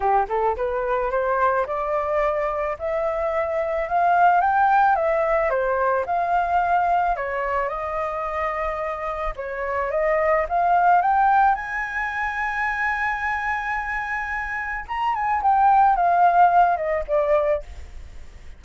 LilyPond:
\new Staff \with { instrumentName = "flute" } { \time 4/4 \tempo 4 = 109 g'8 a'8 b'4 c''4 d''4~ | d''4 e''2 f''4 | g''4 e''4 c''4 f''4~ | f''4 cis''4 dis''2~ |
dis''4 cis''4 dis''4 f''4 | g''4 gis''2.~ | gis''2. ais''8 gis''8 | g''4 f''4. dis''8 d''4 | }